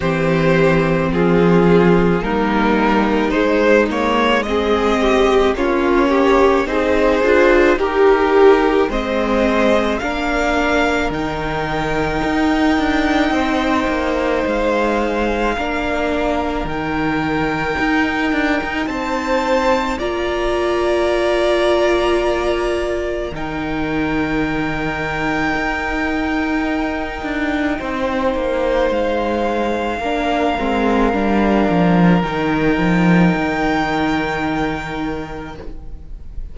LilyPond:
<<
  \new Staff \with { instrumentName = "violin" } { \time 4/4 \tempo 4 = 54 c''4 gis'4 ais'4 c''8 cis''8 | dis''4 cis''4 c''4 ais'4 | dis''4 f''4 g''2~ | g''4 f''2 g''4~ |
g''4 a''4 ais''2~ | ais''4 g''2.~ | g''2 f''2~ | f''4 g''2. | }
  \new Staff \with { instrumentName = "violin" } { \time 4/4 g'4 f'4 dis'2 | gis'8 g'8 f'8 g'8 gis'4 g'4 | c''4 ais'2. | c''2 ais'2~ |
ais'4 c''4 d''2~ | d''4 ais'2.~ | ais'4 c''2 ais'4~ | ais'1 | }
  \new Staff \with { instrumentName = "viola" } { \time 4/4 c'2 ais4 gis8 ais8 | c'4 cis'4 dis'8 f'8 g'4 | c'4 d'4 dis'2~ | dis'2 d'4 dis'4~ |
dis'2 f'2~ | f'4 dis'2.~ | dis'2. d'8 c'8 | d'4 dis'2. | }
  \new Staff \with { instrumentName = "cello" } { \time 4/4 e4 f4 g4 gis4~ | gis4 ais4 c'8 d'8 dis'4 | gis4 ais4 dis4 dis'8 d'8 | c'8 ais8 gis4 ais4 dis4 |
dis'8 d'16 dis'16 c'4 ais2~ | ais4 dis2 dis'4~ | dis'8 d'8 c'8 ais8 gis4 ais8 gis8 | g8 f8 dis8 f8 dis2 | }
>>